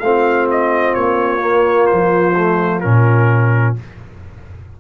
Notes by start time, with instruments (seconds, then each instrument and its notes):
0.00 tuba A3, trombone C4, horn F4, trumpet F5
0.51 trumpet D#5
0.94 tuba A#3, trumpet C#5
1.40 trombone A#3
1.86 tuba F3, trumpet C5
2.36 trombone A3
2.80 tuba A#2, trombone C#4, trumpet A#4